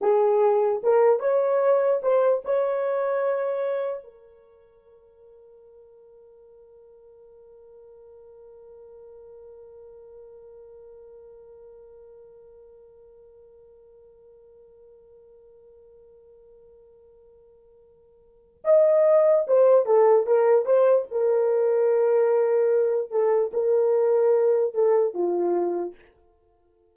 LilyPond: \new Staff \with { instrumentName = "horn" } { \time 4/4 \tempo 4 = 74 gis'4 ais'8 cis''4 c''8 cis''4~ | cis''4 ais'2.~ | ais'1~ | ais'1~ |
ais'1~ | ais'2. dis''4 | c''8 a'8 ais'8 c''8 ais'2~ | ais'8 a'8 ais'4. a'8 f'4 | }